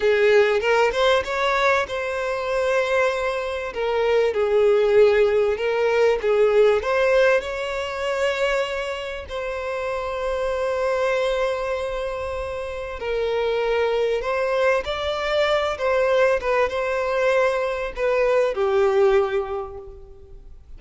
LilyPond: \new Staff \with { instrumentName = "violin" } { \time 4/4 \tempo 4 = 97 gis'4 ais'8 c''8 cis''4 c''4~ | c''2 ais'4 gis'4~ | gis'4 ais'4 gis'4 c''4 | cis''2. c''4~ |
c''1~ | c''4 ais'2 c''4 | d''4. c''4 b'8 c''4~ | c''4 b'4 g'2 | }